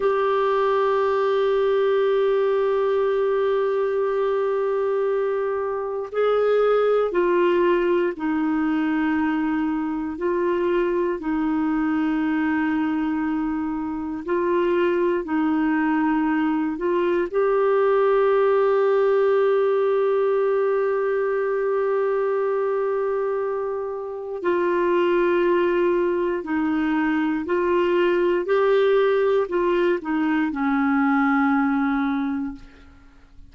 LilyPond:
\new Staff \with { instrumentName = "clarinet" } { \time 4/4 \tempo 4 = 59 g'1~ | g'2 gis'4 f'4 | dis'2 f'4 dis'4~ | dis'2 f'4 dis'4~ |
dis'8 f'8 g'2.~ | g'1 | f'2 dis'4 f'4 | g'4 f'8 dis'8 cis'2 | }